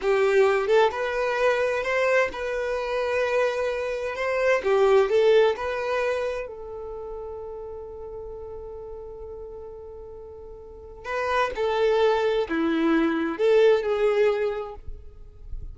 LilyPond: \new Staff \with { instrumentName = "violin" } { \time 4/4 \tempo 4 = 130 g'4. a'8 b'2 | c''4 b'2.~ | b'4 c''4 g'4 a'4 | b'2 a'2~ |
a'1~ | a'1 | b'4 a'2 e'4~ | e'4 a'4 gis'2 | }